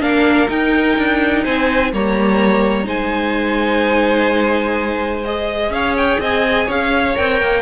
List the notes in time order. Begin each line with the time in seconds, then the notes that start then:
0.00 A#3 D4 A#4 F5
0.49 D#4 G5
0.97 D4
1.44 C4 C5 G#5
1.93 G3 A#3 C#5 A#5
2.84 G#3 D#4 C5 G#5
5.25 G#4 D#5
5.70 C#4 C#5 F5
5.97 G5
6.20 C4 D#5 G#5
6.66 C#4 C#5 F5
7.15 C4 A#4 G5
7.41 A#3